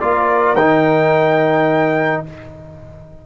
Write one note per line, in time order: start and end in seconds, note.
0.00 0.54 A#3
0.00 0.57 F4
0.00 2.25 A#4
0.00 0.56 D5
0.54 2.22 D#3
0.54 2.26 D#4
0.54 2.24 G5